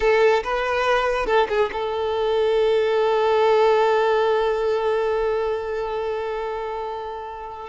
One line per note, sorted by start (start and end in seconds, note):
0.00 0.43 A4
0.43 1.26 B4
1.26 1.47 A4
1.49 1.70 G#4
1.72 7.69 A4